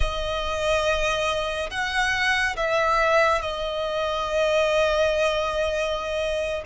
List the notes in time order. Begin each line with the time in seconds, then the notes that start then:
0.00 D#5
1.70 F#5
2.56 E5
3.41 D#5